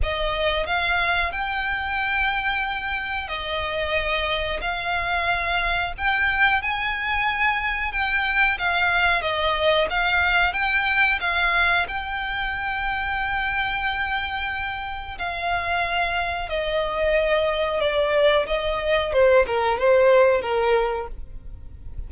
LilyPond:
\new Staff \with { instrumentName = "violin" } { \time 4/4 \tempo 4 = 91 dis''4 f''4 g''2~ | g''4 dis''2 f''4~ | f''4 g''4 gis''2 | g''4 f''4 dis''4 f''4 |
g''4 f''4 g''2~ | g''2. f''4~ | f''4 dis''2 d''4 | dis''4 c''8 ais'8 c''4 ais'4 | }